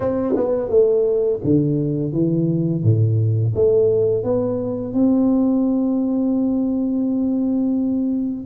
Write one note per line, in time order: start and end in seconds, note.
0.00 0.35 C4
0.36 0.69 B3
0.69 1.39 A3
1.43 2.12 D3
2.12 2.83 E3
2.83 3.53 A2
3.55 4.23 A3
4.23 4.93 B3
4.93 8.46 C4